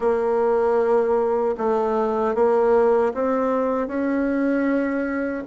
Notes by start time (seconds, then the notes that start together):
0.00 A#3
1.57 A3
2.34 A#3
3.13 C4
3.87 C#4